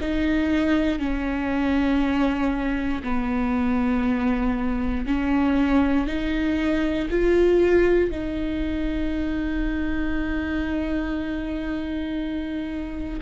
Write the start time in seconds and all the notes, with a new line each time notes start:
0.00 D#4
0.98 C#4
3.03 B3
5.06 C#4
6.06 D#4
7.10 F4
8.10 D#4